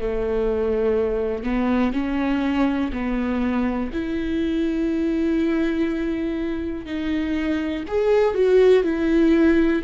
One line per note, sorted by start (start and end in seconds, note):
0.00 1.44 A3
1.44 1.93 B3
1.93 2.91 C#4
2.93 3.91 B3
3.93 6.86 E4
6.86 7.84 D#4
7.88 8.34 G#4
8.34 8.83 F#4
8.83 9.82 E4